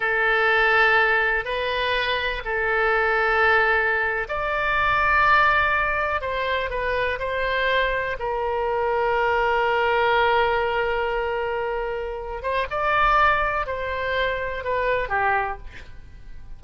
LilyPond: \new Staff \with { instrumentName = "oboe" } { \time 4/4 \tempo 4 = 123 a'2. b'4~ | b'4 a'2.~ | a'8. d''2.~ d''16~ | d''8. c''4 b'4 c''4~ c''16~ |
c''8. ais'2.~ ais'16~ | ais'1~ | ais'4. c''8 d''2 | c''2 b'4 g'4 | }